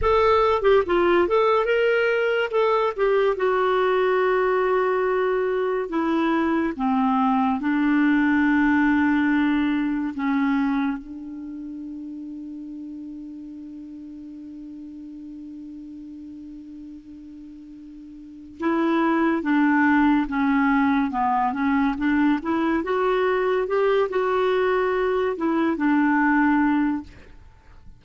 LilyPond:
\new Staff \with { instrumentName = "clarinet" } { \time 4/4 \tempo 4 = 71 a'8. g'16 f'8 a'8 ais'4 a'8 g'8 | fis'2. e'4 | c'4 d'2. | cis'4 d'2.~ |
d'1~ | d'2 e'4 d'4 | cis'4 b8 cis'8 d'8 e'8 fis'4 | g'8 fis'4. e'8 d'4. | }